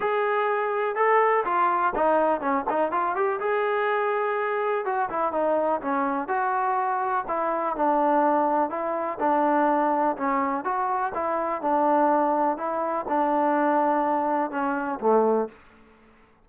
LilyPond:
\new Staff \with { instrumentName = "trombone" } { \time 4/4 \tempo 4 = 124 gis'2 a'4 f'4 | dis'4 cis'8 dis'8 f'8 g'8 gis'4~ | gis'2 fis'8 e'8 dis'4 | cis'4 fis'2 e'4 |
d'2 e'4 d'4~ | d'4 cis'4 fis'4 e'4 | d'2 e'4 d'4~ | d'2 cis'4 a4 | }